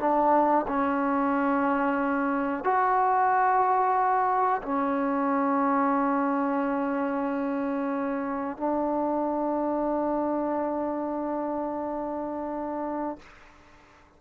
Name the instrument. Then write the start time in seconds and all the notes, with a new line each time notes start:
trombone
0.00 D4
0.68 C#4
2.64 F#4
4.62 C#4
8.57 D4